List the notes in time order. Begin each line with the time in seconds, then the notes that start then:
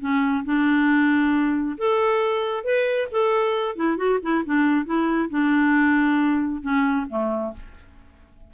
0.00 C#4
0.45 D4
1.78 A4
2.64 B4
3.11 A4
3.76 E4
3.97 F#4
4.22 E4
4.45 D4
4.85 E4
5.30 D4
6.62 C#4
7.09 A3